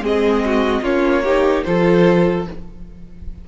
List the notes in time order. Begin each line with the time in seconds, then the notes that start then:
0.00 G#3 C4 G#4 D#5
0.45 F#4
0.82 A#3 C#4 F4 C#5
1.23 D#4 G4
1.64 F3 F4 A4 C5